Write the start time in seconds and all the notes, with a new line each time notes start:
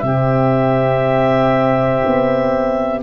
0.00 C3 C4 G4 E5
2.06 B3